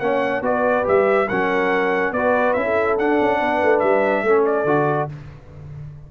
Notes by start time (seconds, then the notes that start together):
0.00 A#3 C#4 C#5 F#5
0.41 B3 F#4 B4 D5
0.84 G3 G4 E5
1.29 F#3 C#4 A#4 F#5
2.12 B3 F#4 B4 D5
2.53 C#4 E4 E5
2.65 A4
2.98 D4 F#5
3.21 C#4
3.40 B3 B4
3.63 A3
3.80 G3 E5
4.23 A3 C#4 A4
4.46 D5
4.65 D3 F#4